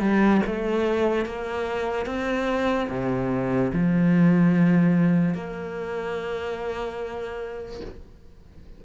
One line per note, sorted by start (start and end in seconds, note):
0.00 0.41 G3
0.46 1.26 A3
1.26 2.06 A#3
2.06 2.88 C4
2.89 3.71 C3
3.72 5.34 F3
5.34 7.80 A#3